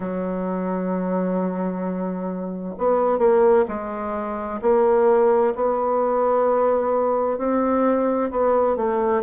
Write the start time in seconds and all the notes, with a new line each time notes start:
0.00 F#3
2.78 B3
3.18 A#3
3.68 G#3
4.62 A#3
5.55 B3
7.38 C4
8.31 B3
8.76 A3